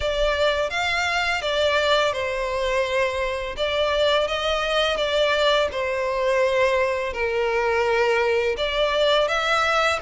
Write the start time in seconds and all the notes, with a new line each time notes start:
0.00 D5
0.69 F5
1.41 D5
2.12 C5
3.56 D5
4.27 D#5
4.96 D5
5.71 C5
7.13 A#4
8.57 D5
9.28 E5